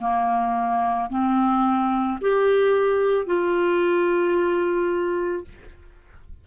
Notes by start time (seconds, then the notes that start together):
0.00 A#3
1.10 C4
2.21 G4
3.26 F4